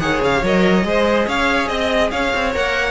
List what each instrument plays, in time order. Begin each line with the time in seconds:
0.00 cello D#3, viola G#4, violin C#5 F#5
0.22 cello C#3, violin F5
0.43 cello F#3, viola A#4, violin D#5
0.84 cello G#3, viola G#4, violin C5
1.27 cello C#4, violin C#5 F5
1.69 cello C4, violin D#5
2.11 cello C#4, violin C#5 F5
2.35 cello C4
2.54 cello A#3, viola A#4, violin F#5